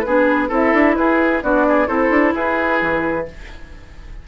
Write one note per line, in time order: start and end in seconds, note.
0.00 0.50 B3
0.00 0.48 G#4
0.00 0.46 B4
0.06 0.49 D4
0.48 0.73 C4
0.48 1.41 E4
0.48 0.95 A4
0.55 0.95 E5
0.73 0.96 D4
0.95 1.42 E4
0.95 1.43 G#4
0.95 1.41 B4
1.41 1.89 B3
1.41 1.87 D4
1.41 1.66 F#4
1.41 1.88 D5
1.68 1.88 G#4
1.87 2.10 C4
1.87 3.26 E4
1.87 2.34 A4
1.87 2.34 C5
2.10 2.33 D4
2.35 2.81 E4
2.35 3.27 G#4
2.35 3.27 B4
2.81 3.27 E3